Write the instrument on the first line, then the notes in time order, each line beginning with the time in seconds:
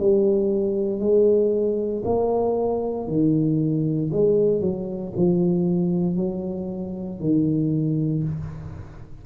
tuba
0.00 G3
1.00 G#3
2.05 A#3
3.08 D#3
4.13 G#3
4.61 F#3
5.16 F3
6.17 F#3
7.20 D#3